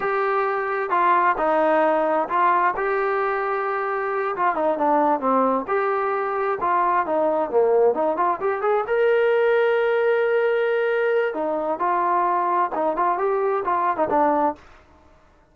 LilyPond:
\new Staff \with { instrumentName = "trombone" } { \time 4/4 \tempo 4 = 132 g'2 f'4 dis'4~ | dis'4 f'4 g'2~ | g'4. f'8 dis'8 d'4 c'8~ | c'8 g'2 f'4 dis'8~ |
dis'8 ais4 dis'8 f'8 g'8 gis'8 ais'8~ | ais'1~ | ais'4 dis'4 f'2 | dis'8 f'8 g'4 f'8. dis'16 d'4 | }